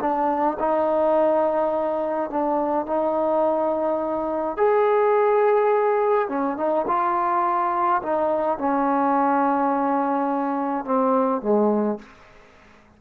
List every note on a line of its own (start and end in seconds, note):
0.00 0.57 D4
0.59 2.30 D#4
2.30 2.86 D4
2.86 4.57 D#4
4.57 6.28 G#4
6.28 6.57 C#4
6.57 6.85 D#4
6.87 8.01 F4
8.02 8.58 D#4
8.58 10.85 C#4
10.85 11.41 C4
11.41 11.98 G#3